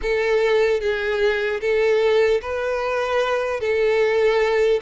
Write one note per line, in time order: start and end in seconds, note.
0.01 0.80 A4
0.80 1.60 G#4
1.60 2.40 A4
2.41 3.60 B4
3.60 4.80 A4